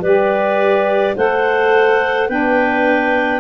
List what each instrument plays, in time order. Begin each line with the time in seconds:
0.00 tuba G3, saxophone G4, clarinet B4 D5
1.15 tuba A3, saxophone A4, clarinet C5 F#5
2.28 tuba B3, saxophone D4, clarinet B4 G5